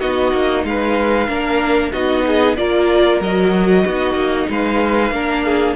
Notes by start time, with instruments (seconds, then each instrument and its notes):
0.00 cello B3, viola D#4, violin F#4 D#5
0.33 cello A#3
0.64 cello G#3, violin B4 F5
1.28 cello A#3, viola D4, violin A#4
1.92 cello B3, viola D#4, violin F#4 D#5
2.26 violin G#4
2.56 cello A#3, viola F4, violin A#4 D5
3.20 cello F#3, viola F#4, violin D#5
3.84 cello B3, viola D#4, violin F#4
4.14 cello A#3
4.49 cello G#3, violin B4 F5
5.11 cello A#3, viola D4, violin A#4
5.45 violin G#4